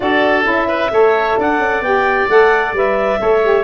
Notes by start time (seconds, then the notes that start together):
0.00 D4 F#4 A4 D5
0.43 C#4 E4
0.50 E5
0.67 B4
0.91 A3 A4 C#5
1.37 D4 D5 F#5
1.58 C#4
1.81 B3 G4 G5
2.29 A3 A4 F#5
2.73 G3 B4 E5
3.19 A3 A4 C#5
3.42 G4